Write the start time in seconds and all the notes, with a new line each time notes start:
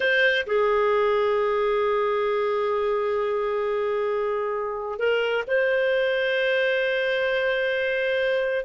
0.00 C5
0.46 G#4
4.98 A#4
5.47 C5